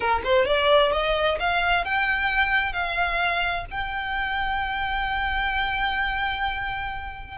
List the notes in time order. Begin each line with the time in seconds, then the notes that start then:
0.00 A#4
0.24 C5
0.45 D5
0.92 D#5
1.39 F5
1.84 G5
2.73 F5
3.70 G5